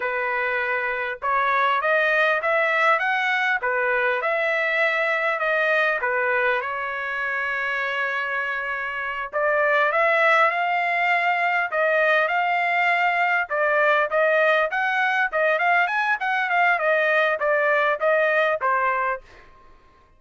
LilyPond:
\new Staff \with { instrumentName = "trumpet" } { \time 4/4 \tempo 4 = 100 b'2 cis''4 dis''4 | e''4 fis''4 b'4 e''4~ | e''4 dis''4 b'4 cis''4~ | cis''2.~ cis''8 d''8~ |
d''8 e''4 f''2 dis''8~ | dis''8 f''2 d''4 dis''8~ | dis''8 fis''4 dis''8 f''8 gis''8 fis''8 f''8 | dis''4 d''4 dis''4 c''4 | }